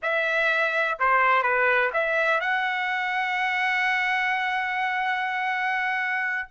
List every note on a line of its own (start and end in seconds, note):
0.02 0.98 E5
0.99 1.42 C5
1.42 1.90 B4
1.93 2.40 E5
2.40 6.48 F#5